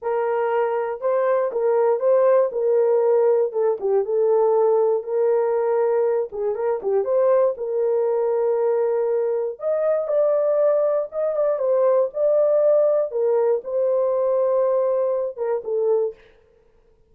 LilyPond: \new Staff \with { instrumentName = "horn" } { \time 4/4 \tempo 4 = 119 ais'2 c''4 ais'4 | c''4 ais'2 a'8 g'8 | a'2 ais'2~ | ais'8 gis'8 ais'8 g'8 c''4 ais'4~ |
ais'2. dis''4 | d''2 dis''8 d''8 c''4 | d''2 ais'4 c''4~ | c''2~ c''8 ais'8 a'4 | }